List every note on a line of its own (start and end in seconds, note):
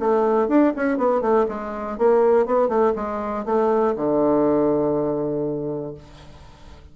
0.00 0.48 A3
0.48 0.73 D4
0.76 0.98 C#4
0.98 1.22 B3
1.22 1.47 A3
1.49 1.98 G#3
1.99 2.46 A#3
2.46 2.69 B3
2.69 2.94 A3
2.96 3.46 G#3
3.46 3.95 A3
3.96 5.95 D3